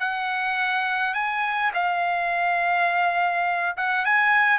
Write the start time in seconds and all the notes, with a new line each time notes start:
0.00 F#5
1.14 G#5
1.74 F5
3.77 F#5
4.05 G#5